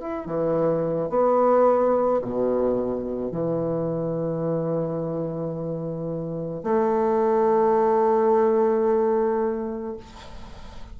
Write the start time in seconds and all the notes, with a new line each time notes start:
0.00 E4
0.26 E3
1.10 B3
2.22 B2
3.31 E3
6.63 A3